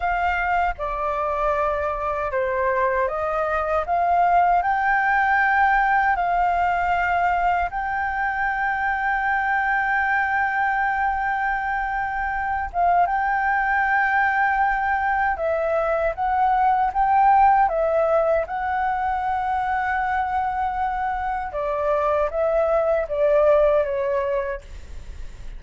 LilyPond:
\new Staff \with { instrumentName = "flute" } { \time 4/4 \tempo 4 = 78 f''4 d''2 c''4 | dis''4 f''4 g''2 | f''2 g''2~ | g''1~ |
g''8 f''8 g''2. | e''4 fis''4 g''4 e''4 | fis''1 | d''4 e''4 d''4 cis''4 | }